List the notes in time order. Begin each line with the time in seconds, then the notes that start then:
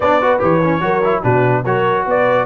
0.00 B3 D4 C#5 D5
0.21 F#4 B4
0.39 E3 G4 C#5
0.64 C#4
0.81 F#3 F#4 A#4
1.04 E4
1.22 B2 D4 F#4 B4
1.64 F#3 F#4 A#4 C#5
2.05 B3 B4 D5